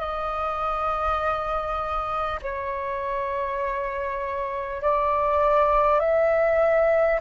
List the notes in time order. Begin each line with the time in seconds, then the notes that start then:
0.00 D#5
2.42 C#5
4.82 D5
6.00 E5